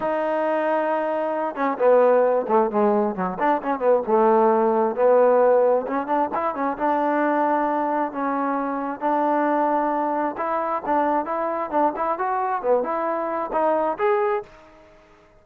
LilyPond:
\new Staff \with { instrumentName = "trombone" } { \time 4/4 \tempo 4 = 133 dis'2.~ dis'8 cis'8 | b4. a8 gis4 fis8 d'8 | cis'8 b8 a2 b4~ | b4 cis'8 d'8 e'8 cis'8 d'4~ |
d'2 cis'2 | d'2. e'4 | d'4 e'4 d'8 e'8 fis'4 | b8 e'4. dis'4 gis'4 | }